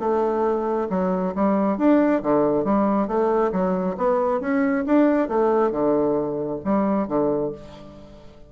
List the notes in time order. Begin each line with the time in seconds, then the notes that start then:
0.00 A3
0.90 F#3
1.36 G3
1.78 D4
2.23 D3
2.65 G3
3.08 A3
3.52 F#3
3.97 B3
4.41 C#4
4.86 D4
5.29 A3
5.71 D3
6.65 G3
7.08 D3